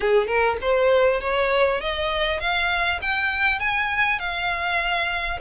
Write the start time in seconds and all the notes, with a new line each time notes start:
0.00 G#4
0.27 A#4
0.61 C5
1.21 C#5
1.81 D#5
2.39 F5
3.01 G5
3.59 G#5
4.19 F5